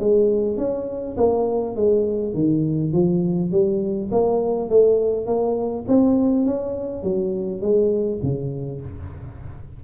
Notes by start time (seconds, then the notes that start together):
0.00 G#3
0.57 C#4
1.17 A#3
1.76 G#3
2.34 D#3
2.93 F3
3.52 G3
4.12 A#3
4.70 A3
5.26 A#3
5.88 C4
6.46 C#4
7.03 F#3
7.62 G#3
8.23 C#3